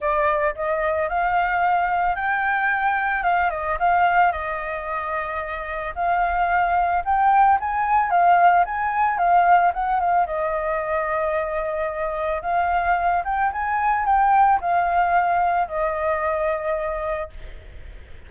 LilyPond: \new Staff \with { instrumentName = "flute" } { \time 4/4 \tempo 4 = 111 d''4 dis''4 f''2 | g''2 f''8 dis''8 f''4 | dis''2. f''4~ | f''4 g''4 gis''4 f''4 |
gis''4 f''4 fis''8 f''8 dis''4~ | dis''2. f''4~ | f''8 g''8 gis''4 g''4 f''4~ | f''4 dis''2. | }